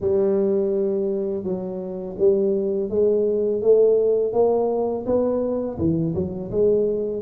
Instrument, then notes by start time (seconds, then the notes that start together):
tuba
0.00 G3
1.43 F#3
2.18 G3
2.89 G#3
3.61 A3
4.32 A#3
5.05 B3
5.78 E3
6.14 F#3
6.51 G#3